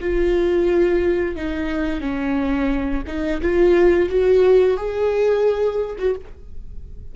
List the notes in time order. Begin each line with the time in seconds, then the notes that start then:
0.00 F4
1.35 D#4
2.01 C#4
3.07 D#4
3.41 F4
4.09 F#4
4.77 G#4
5.98 F#4